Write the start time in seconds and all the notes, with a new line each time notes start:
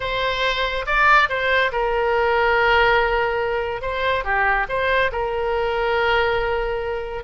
0.00 C5
0.86 D5
1.29 C5
1.72 A#4
3.81 C5
4.24 G4
4.68 C5
5.12 A#4